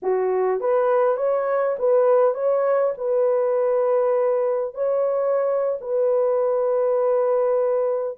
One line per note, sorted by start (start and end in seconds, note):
0.02 0.60 F#4
0.60 1.16 B4
1.16 1.76 C#5
1.78 2.34 B4
2.34 2.93 C#5
2.97 4.74 B4
4.74 5.78 C#5
5.81 8.18 B4